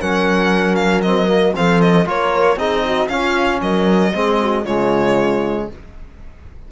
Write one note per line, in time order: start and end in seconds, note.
0.00 1.56 F#3
0.00 1.05 C#4
0.00 1.55 A#4
0.00 0.75 F#5
0.75 1.01 F5
1.02 1.28 C4
1.02 1.54 D#5
1.28 1.53 A#3
1.55 2.06 F3
1.55 2.05 C4
1.55 2.07 A4
1.55 1.81 F5
1.81 2.07 D#5
2.05 2.56 A#3
2.05 2.57 F4
2.05 2.58 A#4
2.05 2.59 C#5
2.56 3.08 C4
2.56 3.09 D#4
2.56 2.84 G#4
2.56 3.08 D#5
2.84 3.10 F#4
3.08 3.61 C#4
3.08 4.13 C#4
3.08 3.62 F4
3.08 3.60 F5
3.61 4.13 F#3
3.61 4.13 A#4
3.61 4.65 D#5
4.13 4.65 G#3
4.13 4.65 C4
4.13 4.40 G#4
4.41 4.63 F#4
4.63 5.68 C#3
4.63 5.71 G#3
4.63 5.67 F4
4.63 5.69 C#5